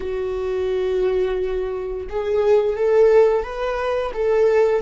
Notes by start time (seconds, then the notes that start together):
0.00 F#4
2.09 G#4
2.76 A4
3.43 B4
4.13 A4